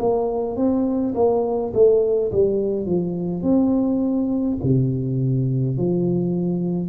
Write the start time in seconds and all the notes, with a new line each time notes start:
0.00 A#3
0.57 C4
1.15 A#3
1.74 A3
2.32 G3
2.86 F3
3.43 C4
4.64 C3
5.78 F3